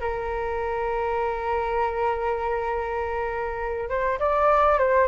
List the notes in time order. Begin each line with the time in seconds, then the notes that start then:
0.00 A#4
3.89 C5
4.19 D5
4.78 C5